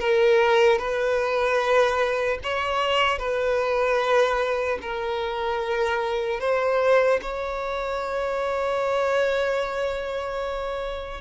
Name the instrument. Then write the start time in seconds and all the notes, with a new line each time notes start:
violin
0.00 A#4
0.79 B4
2.43 C#5
3.19 B4
4.82 A#4
6.40 C5
7.22 C#5